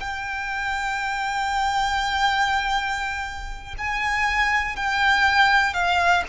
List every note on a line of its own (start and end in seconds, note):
0.00 3.75 G5
3.78 4.76 G#5
4.76 5.74 G5
5.74 6.24 F5